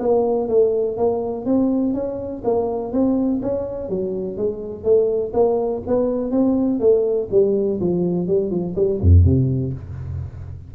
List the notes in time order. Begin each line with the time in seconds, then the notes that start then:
0.00 A#3
0.49 A3
0.97 A#3
1.46 C4
1.94 C#4
2.45 A#3
2.93 C4
3.43 C#4
3.89 F#3
4.37 G#3
4.84 A3
5.34 A#3
5.87 B3
6.31 C4
6.80 A3
7.31 G3
7.81 F3
8.28 G3
8.51 F3
8.76 G3
9.01 F2
9.25 C3